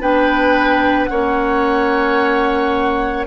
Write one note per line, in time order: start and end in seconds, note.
0.00 1.09 B3
0.00 1.10 D4
0.00 1.10 B4
0.00 1.06 G5
1.06 3.27 A#3
1.06 3.27 C#4
1.06 3.27 C#5
1.06 3.24 F#5